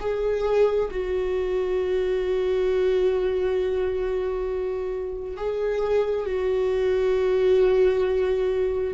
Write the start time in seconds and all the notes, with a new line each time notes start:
0.00 G#4
0.91 F#4
5.37 G#4
6.26 F#4